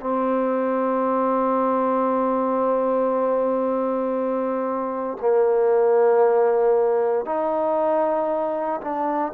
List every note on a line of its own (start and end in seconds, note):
0.00 5.17 C4
5.21 7.26 A#3
7.26 8.81 D#4
8.81 9.32 D4